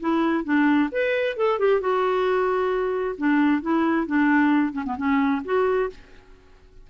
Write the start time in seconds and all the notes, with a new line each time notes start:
0.00 E4
0.44 D4
0.92 B4
1.37 A4
1.59 G4
1.80 F#4
3.18 D4
3.62 E4
4.06 D4
4.72 C#4
4.85 B3
4.97 C#4
5.44 F#4